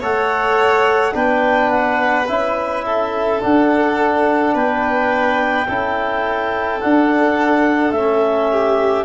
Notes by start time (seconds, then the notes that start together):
0.00 A3 A4 C#5 F#5
1.12 B3 D4 B4 G5
1.70 F#5
2.28 C#4 E4 E5
2.85 A4
3.40 D4 F#5
4.54 B3 B4 G5
5.67 C#4 E4 A4
6.81 D4 F#5
7.92 A3 C#4 E5
8.51 G4